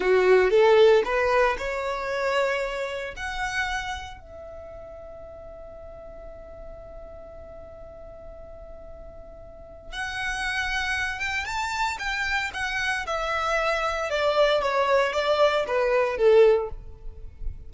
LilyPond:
\new Staff \with { instrumentName = "violin" } { \time 4/4 \tempo 4 = 115 fis'4 a'4 b'4 cis''4~ | cis''2 fis''2 | e''1~ | e''1~ |
e''2. fis''4~ | fis''4. g''8 a''4 g''4 | fis''4 e''2 d''4 | cis''4 d''4 b'4 a'4 | }